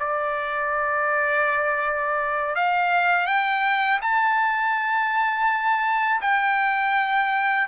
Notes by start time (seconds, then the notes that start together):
0.00 D5
2.56 F5
3.27 G5
4.02 A5
6.22 G5